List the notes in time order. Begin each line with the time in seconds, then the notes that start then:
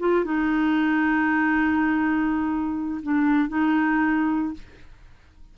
0.00 F4
0.25 D#4
3.03 D4
3.49 D#4